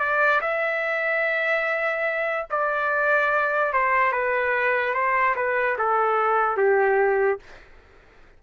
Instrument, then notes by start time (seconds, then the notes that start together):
trumpet
0.00 D5
0.41 E5
2.51 D5
3.73 C5
4.12 B4
4.95 C5
5.36 B4
5.79 A4
6.58 G4